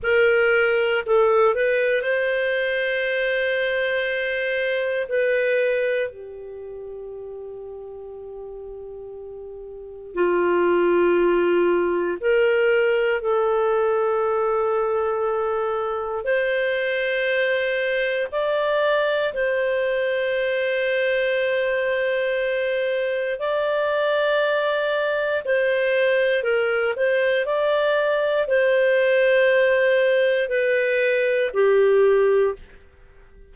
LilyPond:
\new Staff \with { instrumentName = "clarinet" } { \time 4/4 \tempo 4 = 59 ais'4 a'8 b'8 c''2~ | c''4 b'4 g'2~ | g'2 f'2 | ais'4 a'2. |
c''2 d''4 c''4~ | c''2. d''4~ | d''4 c''4 ais'8 c''8 d''4 | c''2 b'4 g'4 | }